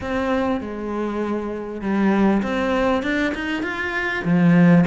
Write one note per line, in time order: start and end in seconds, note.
0.00 0.60 C4
0.60 1.81 G#3
1.81 2.42 G3
2.42 3.02 C4
3.02 3.33 D4
3.34 3.63 D#4
3.63 4.23 F4
4.24 4.85 F3